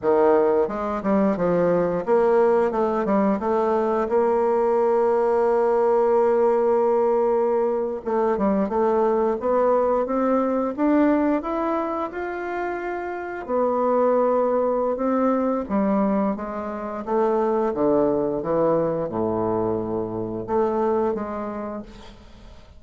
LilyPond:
\new Staff \with { instrumentName = "bassoon" } { \time 4/4 \tempo 4 = 88 dis4 gis8 g8 f4 ais4 | a8 g8 a4 ais2~ | ais2.~ ais8. a16~ | a16 g8 a4 b4 c'4 d'16~ |
d'8. e'4 f'2 b16~ | b2 c'4 g4 | gis4 a4 d4 e4 | a,2 a4 gis4 | }